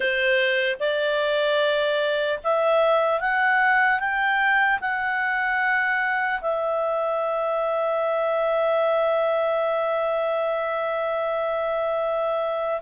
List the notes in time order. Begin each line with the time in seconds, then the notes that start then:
0.00 C5
0.79 D5
2.43 E5
3.20 F#5
3.99 G5
4.80 F#5
6.41 E5